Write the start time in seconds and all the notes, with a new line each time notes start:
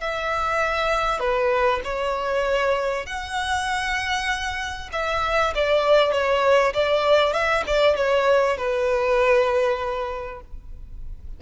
0.00 E5
1.19 B4
1.84 C#5
3.06 F#5
4.92 E5
5.55 D5
6.12 C#5
6.73 D5
7.33 E5
7.66 D5
7.96 C#5
8.57 B4